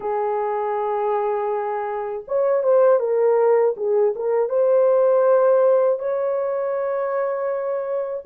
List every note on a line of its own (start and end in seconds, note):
0.00 2.23 G#4
2.27 2.63 C#5
2.63 2.99 C5
2.99 3.74 A#4
3.76 4.14 G#4
4.15 4.49 A#4
4.49 5.99 C5
5.99 8.24 C#5